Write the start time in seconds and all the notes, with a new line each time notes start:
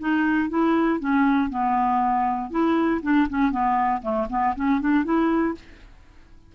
0.00 D#4
0.50 E4
1.00 C#4
1.50 B3
2.50 E4
3.03 D4
3.30 C#4
3.52 B3
4.02 A3
4.30 B3
4.56 C#4
4.81 D4
5.05 E4